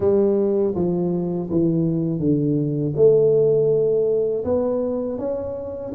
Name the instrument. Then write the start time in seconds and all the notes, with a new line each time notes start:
tuba
0.00 G3
0.75 F3
1.50 E3
2.19 D3
2.96 A3
4.44 B3
5.18 C#4